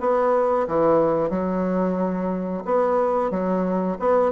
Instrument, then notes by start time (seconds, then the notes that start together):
bassoon
0.00 B3
0.67 E3
1.30 F#3
2.65 B3
3.30 F#3
3.99 B3